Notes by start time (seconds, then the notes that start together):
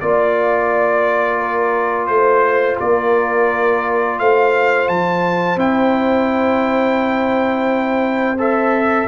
0.00 A#3 F4 D5
1.37 A#4
2.06 A3 C5
2.13 C5
2.80 A#3 A#4 D5
4.19 A3 C5 F5
4.88 F3 A5
5.56 C4 E4 G5
8.38 A4 E5